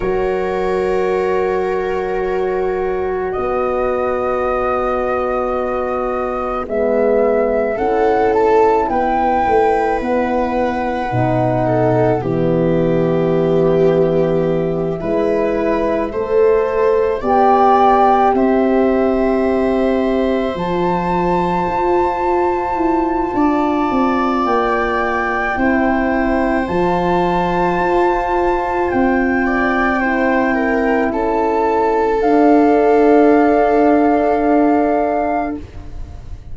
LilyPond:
<<
  \new Staff \with { instrumentName = "flute" } { \time 4/4 \tempo 4 = 54 cis''2. dis''4~ | dis''2 e''4 fis''8 a''8 | g''4 fis''2 e''4~ | e''2.~ e''8 g''8~ |
g''8 e''2 a''4.~ | a''2 g''2 | a''2 g''2 | a''4 f''2. | }
  \new Staff \with { instrumentName = "viola" } { \time 4/4 ais'2. b'4~ | b'2. a'4 | b'2~ b'8 a'8 g'4~ | g'4. b'4 c''4 d''8~ |
d''8 c''2.~ c''8~ | c''4 d''2 c''4~ | c''2~ c''8 d''8 c''8 ais'8 | a'1 | }
  \new Staff \with { instrumentName = "horn" } { \time 4/4 fis'1~ | fis'2 b4 e'4~ | e'2 dis'4 b4~ | b4. e'4 a'4 g'8~ |
g'2~ g'8 f'4.~ | f'2. e'4 | f'2. e'4~ | e'4 d'2. | }
  \new Staff \with { instrumentName = "tuba" } { \time 4/4 fis2. b4~ | b2 gis4 cis'4 | b8 a8 b4 b,4 e4~ | e4. gis4 a4 b8~ |
b8 c'2 f4 f'8~ | f'8 e'8 d'8 c'8 ais4 c'4 | f4 f'4 c'2 | cis'4 d'2. | }
>>